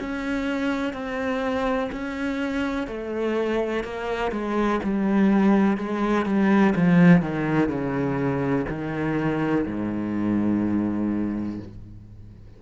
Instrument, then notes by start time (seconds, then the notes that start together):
cello
0.00 C#4
0.93 C4
1.92 C#4
2.87 A3
3.84 A#3
4.32 G#3
4.83 G3
5.77 G#3
6.26 G3
6.75 F3
7.22 D#3
7.68 C#3
8.69 D#3
9.66 G#2